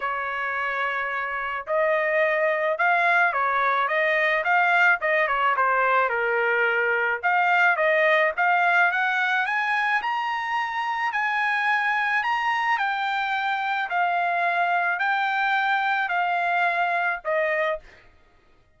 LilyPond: \new Staff \with { instrumentName = "trumpet" } { \time 4/4 \tempo 4 = 108 cis''2. dis''4~ | dis''4 f''4 cis''4 dis''4 | f''4 dis''8 cis''8 c''4 ais'4~ | ais'4 f''4 dis''4 f''4 |
fis''4 gis''4 ais''2 | gis''2 ais''4 g''4~ | g''4 f''2 g''4~ | g''4 f''2 dis''4 | }